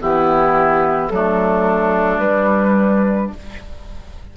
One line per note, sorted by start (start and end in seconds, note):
0.00 1.10 E3
0.00 1.11 B3
0.00 1.12 E4
0.00 1.09 G4
1.09 2.18 F#3
1.09 2.23 A3
1.09 3.37 D4
1.09 2.19 A4
2.18 3.29 G3
2.18 3.34 G3
2.18 3.30 B4